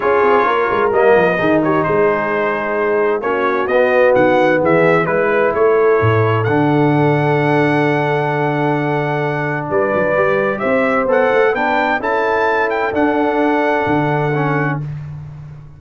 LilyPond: <<
  \new Staff \with { instrumentName = "trumpet" } { \time 4/4 \tempo 4 = 130 cis''2 dis''4. cis''8 | c''2. cis''4 | dis''4 fis''4 e''4 b'4 | cis''2 fis''2~ |
fis''1~ | fis''4 d''2 e''4 | fis''4 g''4 a''4. g''8 | fis''1 | }
  \new Staff \with { instrumentName = "horn" } { \time 4/4 gis'4 ais'2 gis'8 g'8 | gis'2. fis'4~ | fis'2 gis'4 b'4 | a'1~ |
a'1~ | a'4 b'2 c''4~ | c''4 b'4 a'2~ | a'1 | }
  \new Staff \with { instrumentName = "trombone" } { \time 4/4 f'2 ais4 dis'4~ | dis'2. cis'4 | b2. e'4~ | e'2 d'2~ |
d'1~ | d'2 g'2 | a'4 d'4 e'2 | d'2. cis'4 | }
  \new Staff \with { instrumentName = "tuba" } { \time 4/4 cis'8 c'8 ais8 gis8 g8 f8 dis4 | gis2. ais4 | b4 dis4 e4 gis4 | a4 a,4 d2~ |
d1~ | d4 g8 fis8 g4 c'4 | b8 a8 b4 cis'2 | d'2 d2 | }
>>